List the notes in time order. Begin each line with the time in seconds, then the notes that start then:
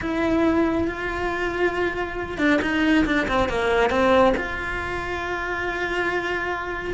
0.01 E4
0.87 F4
2.38 D4
2.61 D#4
3.05 D4
3.28 C4
3.48 A#3
3.90 C4
4.36 F4